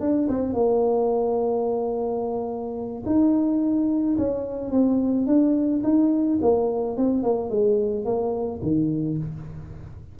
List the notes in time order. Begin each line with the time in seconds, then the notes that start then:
0.00 D4
0.29 C4
0.53 A#3
3.05 D#4
4.18 C#4
4.71 C4
5.27 D4
5.83 D#4
6.41 A#3
6.97 C4
7.23 A#3
7.50 G#3
8.05 A#3
8.62 D#3